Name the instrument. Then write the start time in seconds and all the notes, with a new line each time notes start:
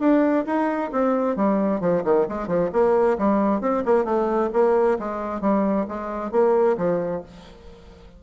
bassoon
0.00 D4
0.46 D#4
0.92 C4
1.36 G3
1.80 F3
2.04 D#3
2.28 G#3
2.48 F3
2.73 A#3
3.18 G3
3.61 C4
3.86 A#3
4.05 A3
4.53 A#3
4.99 G#3
5.41 G3
5.88 G#3
6.31 A#3
6.78 F3